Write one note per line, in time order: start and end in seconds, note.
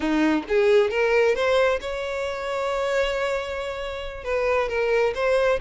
0.00 0.43 D#4
0.48 0.90 G#4
0.90 1.35 A#4
1.35 1.79 C5
1.81 4.24 C#5
4.24 4.68 B4
4.68 5.13 A#4
5.14 5.59 C5